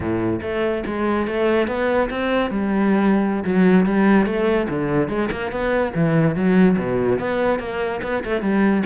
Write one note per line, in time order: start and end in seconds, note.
0.00 0.40 A2
0.42 0.83 A3
0.86 1.27 G#3
1.27 1.67 A3
1.67 2.09 B3
2.09 2.50 C4
2.50 3.44 G3
3.44 3.85 F#3
3.85 4.26 G3
4.26 4.67 A3
4.69 5.08 D3
5.08 5.29 G#3
5.31 5.51 A#3
5.51 5.93 B3
5.94 6.35 E3
6.35 6.77 F#3
6.77 7.19 B2
7.19 7.59 B3
7.59 8.00 A#3
8.02 8.23 B3
8.24 8.41 A3
8.41 8.83 G3